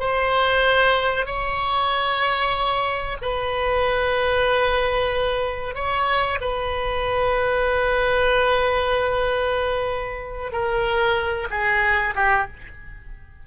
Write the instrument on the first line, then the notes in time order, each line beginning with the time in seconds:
oboe
0.00 C5
1.26 C#5
3.22 B4
5.75 C#5
6.41 B4
10.52 A#4
11.51 G#4
12.15 G4